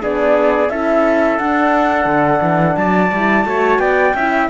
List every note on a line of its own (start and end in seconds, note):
0.00 0.69 B3
0.00 0.69 D4
0.00 0.71 G#4
0.00 0.69 D5
0.69 1.38 C#4
0.69 1.39 E4
0.69 2.78 A4
0.69 1.38 E5
1.38 3.11 D4
1.38 2.05 D4
1.38 2.76 F#5
2.05 2.39 D3
2.41 2.76 E3
2.76 3.11 F#3
2.76 3.47 D5
2.76 3.79 A5
3.12 3.44 G3
3.12 3.45 E4
3.44 3.78 A3
3.44 4.14 F#4
3.44 3.80 C#5
3.78 4.13 B3
3.78 4.15 D5
3.78 4.48 G5
4.14 4.48 C#4
4.14 4.50 E4
4.14 4.50 E5